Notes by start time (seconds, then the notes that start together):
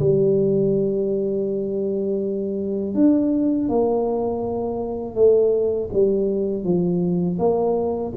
0.00 G3
2.95 D4
3.69 A#3
5.15 A3
5.93 G3
6.64 F3
7.39 A#3